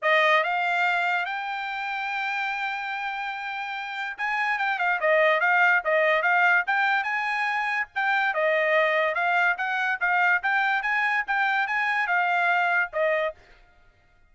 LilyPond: \new Staff \with { instrumentName = "trumpet" } { \time 4/4 \tempo 4 = 144 dis''4 f''2 g''4~ | g''1~ | g''2 gis''4 g''8 f''8 | dis''4 f''4 dis''4 f''4 |
g''4 gis''2 g''4 | dis''2 f''4 fis''4 | f''4 g''4 gis''4 g''4 | gis''4 f''2 dis''4 | }